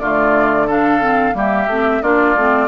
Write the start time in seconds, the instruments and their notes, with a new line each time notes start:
0.00 bassoon D3, clarinet A3, oboe F4, flute D5
0.67 clarinet D4, oboe A4, flute F5
1.02 clarinet C4
1.33 bassoon G3, clarinet A#3, oboe G4, flute E5
1.67 bassoon A3, clarinet C4
2.02 bassoon A#3, clarinet D4, oboe F4, flute D5
2.36 bassoon A3, clarinet C4